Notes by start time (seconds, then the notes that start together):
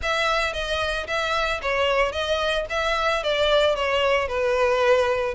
0.02 E5
0.53 D#5
1.07 E5
1.61 C#5
2.12 D#5
2.69 E5
3.23 D5
3.75 C#5
4.28 B4